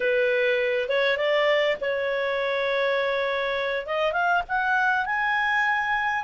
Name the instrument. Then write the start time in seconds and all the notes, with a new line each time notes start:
clarinet
0.00 B4
0.88 C#5
1.17 D5
1.80 C#5
3.86 D#5
4.12 F5
4.48 F#5
5.05 G#5